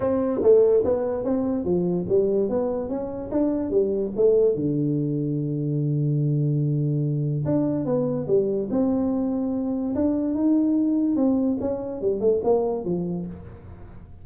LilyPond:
\new Staff \with { instrumentName = "tuba" } { \time 4/4 \tempo 4 = 145 c'4 a4 b4 c'4 | f4 g4 b4 cis'4 | d'4 g4 a4 d4~ | d1~ |
d2 d'4 b4 | g4 c'2. | d'4 dis'2 c'4 | cis'4 g8 a8 ais4 f4 | }